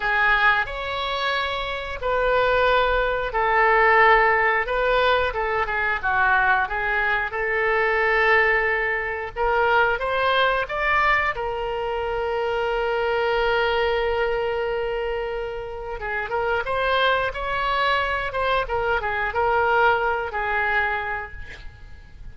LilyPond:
\new Staff \with { instrumentName = "oboe" } { \time 4/4 \tempo 4 = 90 gis'4 cis''2 b'4~ | b'4 a'2 b'4 | a'8 gis'8 fis'4 gis'4 a'4~ | a'2 ais'4 c''4 |
d''4 ais'2.~ | ais'1 | gis'8 ais'8 c''4 cis''4. c''8 | ais'8 gis'8 ais'4. gis'4. | }